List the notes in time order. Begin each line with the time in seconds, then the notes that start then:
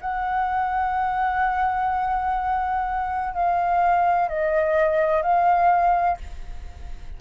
0.00 F#5
3.33 F5
4.28 D#5
5.22 F5